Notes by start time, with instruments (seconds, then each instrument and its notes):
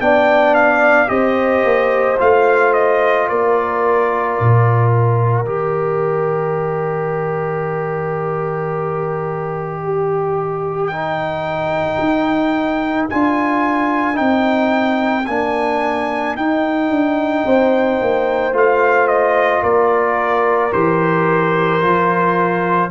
0.00 tuba B3, trombone D4, horn D5, trumpet G5
0.54 trumpet F5
1.07 tuba C4, trombone G4, horn C5, trumpet D#5
1.64 tuba A#3
2.18 tuba A3, trombone F4, trumpet F5
2.73 trumpet D#5
3.28 tuba A#3, horn A#4, trumpet D5
4.40 tuba A#2
4.91 trumpet D#5
5.44 tuba D#3, trombone G4
9.83 horn G4
10.87 trombone D#4, horn A#4, trumpet G5
11.99 tuba D#4
13.09 tuba D4, trombone F4, trumpet G#5
14.13 tuba C4, trombone D#4, trumpet G5
15.26 tuba A#3, trombone D4, trumpet G#5
16.36 tuba D#4, trombone D#4, trumpet G5
16.89 tuba D4
17.46 tuba C4, horn C5
18.01 tuba A#3
18.52 tuba A3, trombone F4, trumpet F5
19.07 trumpet D#5
19.63 tuba A#3, horn A#4, trumpet D5
20.71 tuba E3, trombone G4, trumpet C5
21.80 tuba F3, trombone F4